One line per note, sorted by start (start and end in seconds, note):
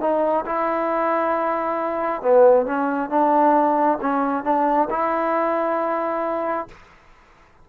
0.00 0.44 D#4
0.45 2.22 E4
2.22 2.66 B3
2.66 3.09 C#4
3.09 3.98 D4
4.01 4.44 C#4
4.44 4.88 D4
4.90 6.68 E4